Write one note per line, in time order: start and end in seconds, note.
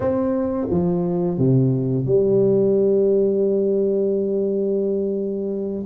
0.00 0.67 C4
0.70 1.38 F3
1.38 2.05 C3
2.05 5.85 G3